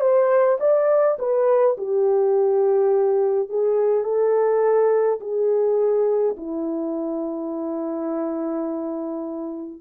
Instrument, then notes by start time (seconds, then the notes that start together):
horn
0.00 C5
0.59 D5
1.19 B4
1.77 G4
3.49 G#4
4.04 A4
5.20 G#4
6.36 E4